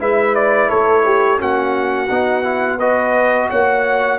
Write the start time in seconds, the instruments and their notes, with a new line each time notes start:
0.00 tuba G#3, trombone E4, horn B4, trumpet E5
0.35 trumpet D5
0.69 tuba A3, horn A4, trumpet C#5
1.05 horn G4
1.38 tuba A#3, trombone C#4, horn F#4, trumpet F#5
2.10 tuba B3, trombone D#4
2.44 trombone E4
2.79 trombone F#4, horn B4, trumpet D#5
3.50 tuba A#3, horn C#5, trumpet F#5